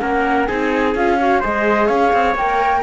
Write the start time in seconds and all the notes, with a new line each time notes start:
0.00 A#3 C#4 A#4 F#5
0.46 C4 D#4 G#4 G#5
0.95 C#4 F4 F5
1.20 F#4 C#5
1.40 G#3 G#4 C5 D#5
1.87 C#4 C#5 F5
2.13 C4
2.35 A#3 A#4 G5